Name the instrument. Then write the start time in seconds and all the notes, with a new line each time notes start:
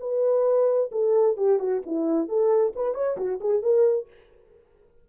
horn
0.00 B4
0.92 A4
1.37 G4
1.59 F#4
1.86 E4
2.28 A4
2.76 B4
2.94 C#5
3.17 F#4
3.40 G#4
3.62 A#4